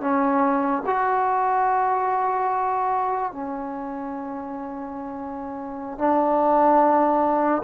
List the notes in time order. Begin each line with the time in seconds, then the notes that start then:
0.00 C#4
0.86 F#4
3.32 C#4
5.98 D4